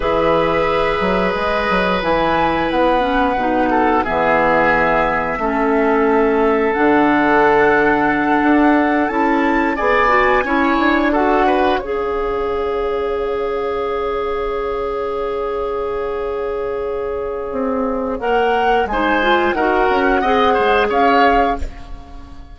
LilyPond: <<
  \new Staff \with { instrumentName = "flute" } { \time 4/4 \tempo 4 = 89 e''2 dis''4 gis''4 | fis''2 e''2~ | e''2 fis''2~ | fis''4. a''4 gis''4.~ |
gis''8 fis''4 f''2~ f''8~ | f''1~ | f''2. fis''4 | gis''4 fis''2 f''4 | }
  \new Staff \with { instrumentName = "oboe" } { \time 4/4 b'1~ | b'4. a'8 gis'2 | a'1~ | a'2~ a'8 d''4 cis''8~ |
cis''8 a'8 b'8 cis''2~ cis''8~ | cis''1~ | cis''1 | c''4 ais'4 dis''8 c''8 cis''4 | }
  \new Staff \with { instrumentName = "clarinet" } { \time 4/4 gis'2. e'4~ | e'8 cis'8 dis'4 b2 | cis'2 d'2~ | d'4. e'4 gis'8 fis'8 e'8~ |
e'8 fis'4 gis'2~ gis'8~ | gis'1~ | gis'2. ais'4 | dis'8 f'8 fis'4 gis'2 | }
  \new Staff \with { instrumentName = "bassoon" } { \time 4/4 e4. fis8 gis8 fis8 e4 | b4 b,4 e2 | a2 d2~ | d8 d'4 cis'4 b4 cis'8 |
d'4. cis'2~ cis'8~ | cis'1~ | cis'2 c'4 ais4 | gis4 dis'8 cis'8 c'8 gis8 cis'4 | }
>>